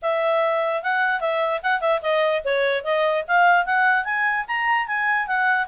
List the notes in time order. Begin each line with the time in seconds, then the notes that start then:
0.01 E5
0.83 F#5
1.20 E5
1.63 F#5
1.80 E5
2.02 D#5
2.44 C#5
2.83 D#5
3.27 F5
3.65 F#5
4.04 G#5
4.47 A#5
4.87 G#5
5.27 F#5